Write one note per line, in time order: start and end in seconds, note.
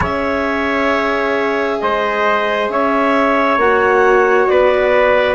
0.00 1.80 C#4
0.00 3.57 G#4
0.00 1.79 C#5
0.00 1.80 E5
1.80 2.68 G#3
1.80 2.71 C5
1.80 2.69 D#5
2.68 3.57 C#4
2.68 4.50 C#5
2.68 3.59 E5
3.57 4.46 A#3
3.57 5.34 F#4
3.57 4.47 F#5
4.47 5.34 B3
4.47 5.34 B4
4.47 5.34 D5